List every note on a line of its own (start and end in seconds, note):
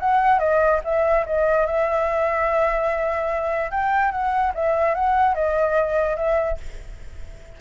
0.00 0.39 F#5
0.39 0.80 D#5
0.84 1.26 E5
1.26 1.66 D#5
1.66 3.71 E5
3.71 4.12 G5
4.12 4.53 F#5
4.55 4.95 E5
4.95 5.35 F#5
5.35 6.17 D#5
6.17 6.58 E5